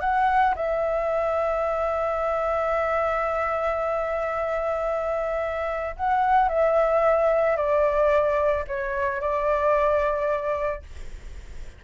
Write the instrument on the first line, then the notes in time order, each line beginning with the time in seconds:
flute
0.00 F#5
0.55 E5
5.96 F#5
6.48 E5
7.56 D5
8.67 C#5
9.20 D5